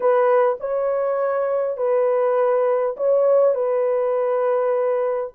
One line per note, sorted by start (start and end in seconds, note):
0.00 0.57 B4
0.59 1.77 C#5
1.77 2.96 B4
2.96 3.54 C#5
3.54 5.32 B4